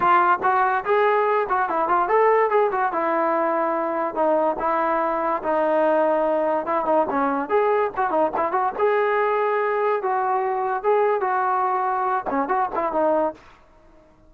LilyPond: \new Staff \with { instrumentName = "trombone" } { \time 4/4 \tempo 4 = 144 f'4 fis'4 gis'4. fis'8 | e'8 f'8 a'4 gis'8 fis'8 e'4~ | e'2 dis'4 e'4~ | e'4 dis'2. |
e'8 dis'8 cis'4 gis'4 fis'8 dis'8 | e'8 fis'8 gis'2. | fis'2 gis'4 fis'4~ | fis'4. cis'8 fis'8 e'8 dis'4 | }